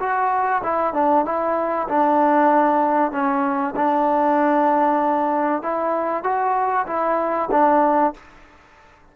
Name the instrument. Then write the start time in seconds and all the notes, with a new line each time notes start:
trombone
0.00 F#4
0.64 E4
0.94 D4
1.26 E4
1.89 D4
3.12 C#4
3.76 D4
5.63 E4
6.24 F#4
6.87 E4
7.51 D4